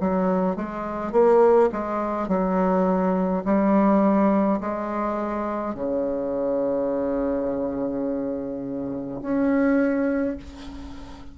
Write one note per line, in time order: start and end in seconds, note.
0.00 0.56 F#3
0.56 1.12 G#3
1.12 1.69 A#3
1.72 2.28 G#3
2.28 3.43 F#3
3.44 4.59 G3
4.60 5.74 G#3
5.74 9.20 C#3
9.21 10.36 C#4